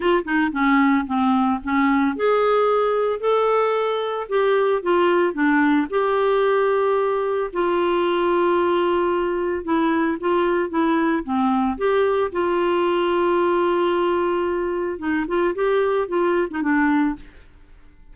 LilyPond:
\new Staff \with { instrumentName = "clarinet" } { \time 4/4 \tempo 4 = 112 f'8 dis'8 cis'4 c'4 cis'4 | gis'2 a'2 | g'4 f'4 d'4 g'4~ | g'2 f'2~ |
f'2 e'4 f'4 | e'4 c'4 g'4 f'4~ | f'1 | dis'8 f'8 g'4 f'8. dis'16 d'4 | }